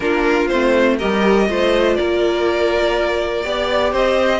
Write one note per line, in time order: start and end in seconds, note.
0.00 0.49 A#3
0.00 0.50 D4
0.00 0.98 F4
0.00 0.47 A#4
0.47 1.01 A3
0.47 0.99 C4
0.47 0.97 C5
0.98 1.49 G3
0.98 1.48 G4
0.98 1.47 A#4
0.98 1.95 D#5
1.48 1.98 A3
1.48 3.43 F4
1.48 1.97 C5
1.95 3.44 A#3
1.95 3.45 A#4
1.95 3.92 D5
3.43 3.92 B3
3.43 4.40 G4
3.43 3.92 D5
3.92 4.40 C4
3.92 4.40 C5
3.92 4.40 D#5